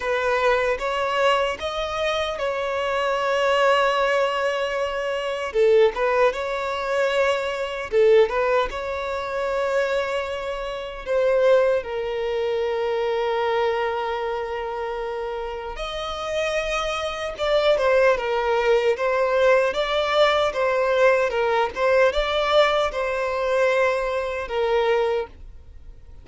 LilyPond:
\new Staff \with { instrumentName = "violin" } { \time 4/4 \tempo 4 = 76 b'4 cis''4 dis''4 cis''4~ | cis''2. a'8 b'8 | cis''2 a'8 b'8 cis''4~ | cis''2 c''4 ais'4~ |
ais'1 | dis''2 d''8 c''8 ais'4 | c''4 d''4 c''4 ais'8 c''8 | d''4 c''2 ais'4 | }